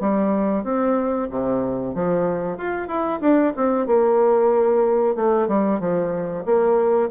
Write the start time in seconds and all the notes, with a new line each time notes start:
0.00 G3
0.64 C4
1.30 C3
1.95 F3
2.57 F4
2.87 E4
3.21 D4
3.56 C4
3.86 A#3
5.16 A3
5.48 G3
5.80 F3
6.45 A#3